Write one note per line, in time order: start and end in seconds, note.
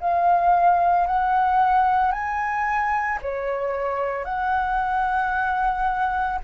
0.00 1.07 F5
1.07 2.12 F#5
2.12 3.19 G#5
3.22 4.25 C#5
4.25 6.39 F#5